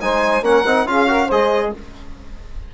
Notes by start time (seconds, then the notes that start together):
0.00 G#3 D#4 C5 G#5
0.41 A#3 C#4 A#4 F#5
0.65 C4 D#4
0.85 C#4 F4 G#4 F5
1.07 F#4 A#4
1.26 G#3 G#4 C5 D#5